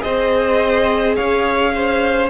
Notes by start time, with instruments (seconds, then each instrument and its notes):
0.00 cello C4, viola G#4, violin C5 D#5
1.16 cello C#4, violin C#5 F5
1.76 violin C5